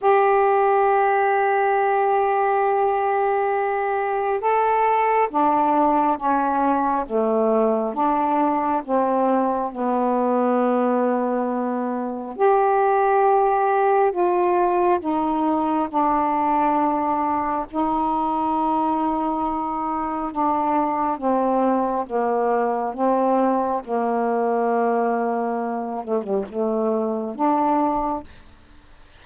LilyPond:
\new Staff \with { instrumentName = "saxophone" } { \time 4/4 \tempo 4 = 68 g'1~ | g'4 a'4 d'4 cis'4 | a4 d'4 c'4 b4~ | b2 g'2 |
f'4 dis'4 d'2 | dis'2. d'4 | c'4 ais4 c'4 ais4~ | ais4. a16 g16 a4 d'4 | }